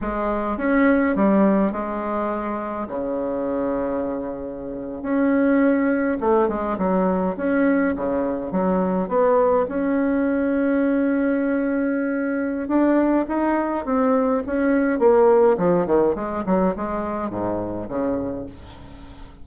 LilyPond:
\new Staff \with { instrumentName = "bassoon" } { \time 4/4 \tempo 4 = 104 gis4 cis'4 g4 gis4~ | gis4 cis2.~ | cis8. cis'2 a8 gis8 fis16~ | fis8. cis'4 cis4 fis4 b16~ |
b8. cis'2.~ cis'16~ | cis'2 d'4 dis'4 | c'4 cis'4 ais4 f8 dis8 | gis8 fis8 gis4 gis,4 cis4 | }